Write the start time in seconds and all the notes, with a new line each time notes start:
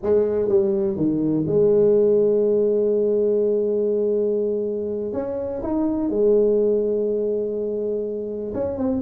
0.02 G#3
0.48 G3
0.96 D#3
1.46 G#3
5.12 C#4
5.62 D#4
6.09 G#3
8.54 C#4
8.77 C4